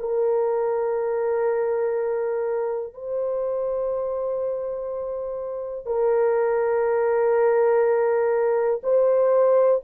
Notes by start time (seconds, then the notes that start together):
0.00 A#4
2.94 C5
5.86 A#4
8.83 C5